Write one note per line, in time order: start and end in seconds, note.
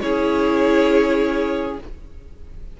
0.00 1.78 C#4
0.00 1.78 E4
0.00 1.80 G#4
0.00 1.76 C#5